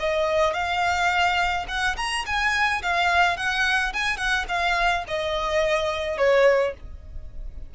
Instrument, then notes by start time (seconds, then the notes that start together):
violin
0.00 D#5
0.54 F5
1.68 F#5
1.97 A#5
2.26 G#5
2.83 F5
3.37 F#5
3.94 G#5
4.18 F#5
4.49 F5
5.08 D#5
6.18 C#5